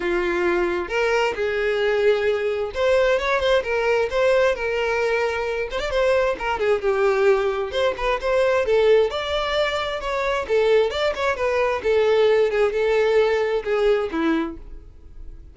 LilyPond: \new Staff \with { instrumentName = "violin" } { \time 4/4 \tempo 4 = 132 f'2 ais'4 gis'4~ | gis'2 c''4 cis''8 c''8 | ais'4 c''4 ais'2~ | ais'8 c''16 d''16 c''4 ais'8 gis'8 g'4~ |
g'4 c''8 b'8 c''4 a'4 | d''2 cis''4 a'4 | d''8 cis''8 b'4 a'4. gis'8 | a'2 gis'4 e'4 | }